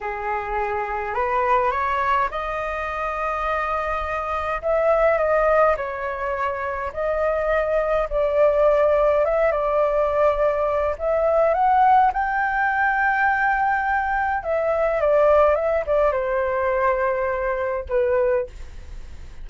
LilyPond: \new Staff \with { instrumentName = "flute" } { \time 4/4 \tempo 4 = 104 gis'2 b'4 cis''4 | dis''1 | e''4 dis''4 cis''2 | dis''2 d''2 |
e''8 d''2~ d''8 e''4 | fis''4 g''2.~ | g''4 e''4 d''4 e''8 d''8 | c''2. b'4 | }